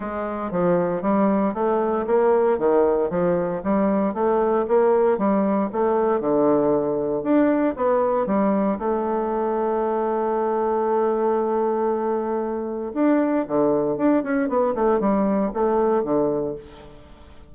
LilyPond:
\new Staff \with { instrumentName = "bassoon" } { \time 4/4 \tempo 4 = 116 gis4 f4 g4 a4 | ais4 dis4 f4 g4 | a4 ais4 g4 a4 | d2 d'4 b4 |
g4 a2.~ | a1~ | a4 d'4 d4 d'8 cis'8 | b8 a8 g4 a4 d4 | }